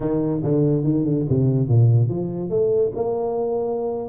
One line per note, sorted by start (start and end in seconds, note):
0.00 0.42 D#3
0.43 0.83 D3
0.83 1.04 D#3
1.04 1.25 D3
1.29 1.68 C3
1.68 2.08 A#2
2.08 2.49 F3
2.49 2.91 A3
2.95 4.08 A#3